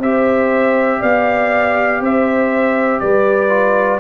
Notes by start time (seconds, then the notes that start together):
0.00 C4 G4 C5 E5
1.01 B3 D5 F5
2.01 C4 C5 E5
3.00 G3 B4 D5
3.49 F4